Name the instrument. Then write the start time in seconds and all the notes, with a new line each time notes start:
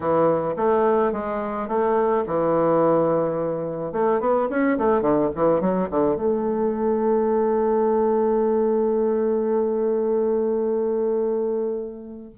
bassoon
0.00 E3
0.56 A3
1.12 G#3
1.67 A3
2.26 E3
3.92 A3
4.20 B3
4.49 C#4
4.78 A3
5.01 D3
5.35 E3
5.60 F#3
5.90 D3
6.16 A3